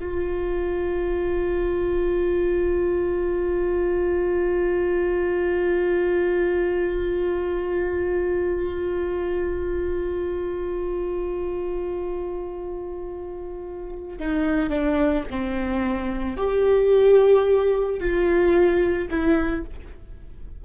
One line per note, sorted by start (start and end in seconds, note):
0.00 14.18 F4
14.19 14.69 D#4
14.69 15.24 D4
15.30 16.36 C4
16.36 18.00 G4
18.00 19.09 F4
19.10 19.64 E4